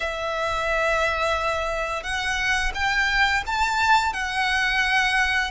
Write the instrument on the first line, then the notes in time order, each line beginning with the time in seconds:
violin
0.00 E5
2.03 F#5
2.74 G5
3.46 A5
4.13 F#5